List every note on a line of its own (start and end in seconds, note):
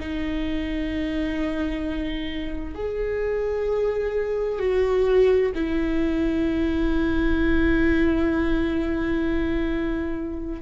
0.00 2.75 D#4
2.75 4.59 G#4
4.59 5.52 F#4
5.55 10.62 E4